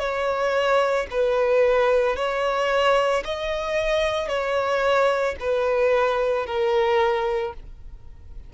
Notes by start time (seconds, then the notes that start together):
0.00 C#5
1.11 B4
2.17 C#5
3.25 D#5
4.29 C#5
5.41 B4
6.47 A#4